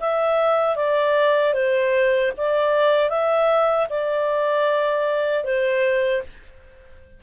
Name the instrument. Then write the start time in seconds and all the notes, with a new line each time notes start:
clarinet
0.00 E5
0.76 D5
1.54 C5
2.37 D5
3.10 E5
3.90 D5
5.44 C5